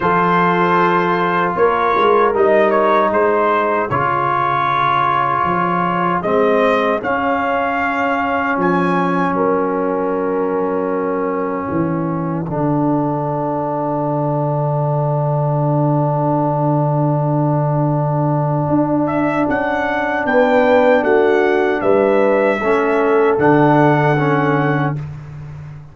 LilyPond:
<<
  \new Staff \with { instrumentName = "trumpet" } { \time 4/4 \tempo 4 = 77 c''2 cis''4 dis''8 cis''8 | c''4 cis''2. | dis''4 f''2 gis''4 | fis''1~ |
fis''1~ | fis''1~ | fis''8 e''8 fis''4 g''4 fis''4 | e''2 fis''2 | }
  \new Staff \with { instrumentName = "horn" } { \time 4/4 a'2 ais'2 | gis'1~ | gis'1 | ais'2. a'4~ |
a'1~ | a'1~ | a'2 b'4 fis'4 | b'4 a'2. | }
  \new Staff \with { instrumentName = "trombone" } { \time 4/4 f'2. dis'4~ | dis'4 f'2. | c'4 cis'2.~ | cis'1 |
d'1~ | d'1~ | d'1~ | d'4 cis'4 d'4 cis'4 | }
  \new Staff \with { instrumentName = "tuba" } { \time 4/4 f2 ais8 gis8 g4 | gis4 cis2 f4 | gis4 cis'2 f4 | fis2. e4 |
d1~ | d1 | d'4 cis'4 b4 a4 | g4 a4 d2 | }
>>